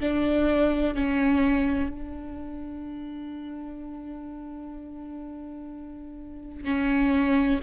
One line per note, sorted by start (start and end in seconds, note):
0.00 0.95 D4
0.95 1.90 C#4
1.90 6.65 D4
6.65 7.60 C#4